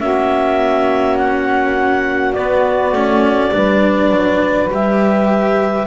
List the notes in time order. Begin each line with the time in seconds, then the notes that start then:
0.00 A#3 C#4 F#4 E5
1.18 F#5
2.34 B3 D5
2.93 A3 C#4
3.52 G3 D4 B4
4.12 F#3
4.70 G3 G4 E5